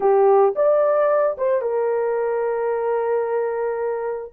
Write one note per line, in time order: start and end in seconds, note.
0.00 0.54 G4
0.55 1.36 D5
1.37 1.61 C5
1.61 4.32 A#4